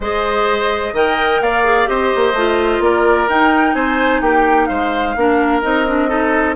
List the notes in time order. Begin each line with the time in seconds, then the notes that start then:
0.00 G#3 G#4 C5 D#5
0.93 D#3 A#4 D#5 G5
1.40 A#3 D5 F5
1.64 G#4
1.86 C4 G4 C5 D#5
2.15 A#3
2.33 A3 F4
2.79 A#3 A#4 D5
3.28 D#4 G5
3.74 C4 C5 G#5
4.21 A#3 G4 G5
4.66 G#3 C5 F5
5.15 A#3 D4 A#4
5.61 C4 D#4 D#5
5.87 D4
6.08 D#4 A4